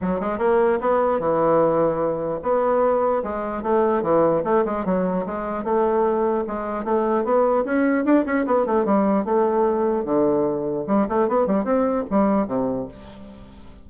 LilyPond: \new Staff \with { instrumentName = "bassoon" } { \time 4/4 \tempo 4 = 149 fis8 gis8 ais4 b4 e4~ | e2 b2 | gis4 a4 e4 a8 gis8 | fis4 gis4 a2 |
gis4 a4 b4 cis'4 | d'8 cis'8 b8 a8 g4 a4~ | a4 d2 g8 a8 | b8 g8 c'4 g4 c4 | }